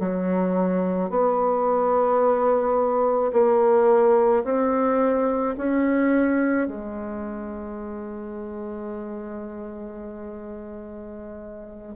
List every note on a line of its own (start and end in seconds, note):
0.00 1.10 F#3
1.10 3.32 B3
3.32 4.43 A#3
4.44 5.55 C4
5.57 6.67 C#4
6.67 11.95 G#3